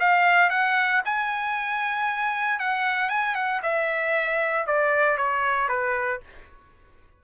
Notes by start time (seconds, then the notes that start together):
0.00 F5
0.50 F#5
1.05 G#5
2.60 F#5
3.09 G#5
3.35 F#5
3.63 E5
4.67 D5
5.17 C#5
5.69 B4